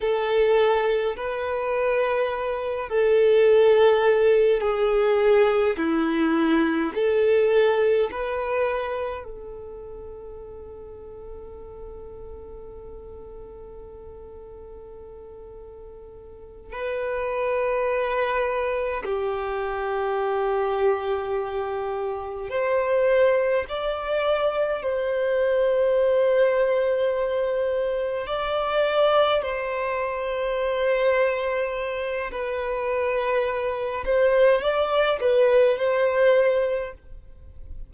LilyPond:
\new Staff \with { instrumentName = "violin" } { \time 4/4 \tempo 4 = 52 a'4 b'4. a'4. | gis'4 e'4 a'4 b'4 | a'1~ | a'2~ a'8 b'4.~ |
b'8 g'2. c''8~ | c''8 d''4 c''2~ c''8~ | c''8 d''4 c''2~ c''8 | b'4. c''8 d''8 b'8 c''4 | }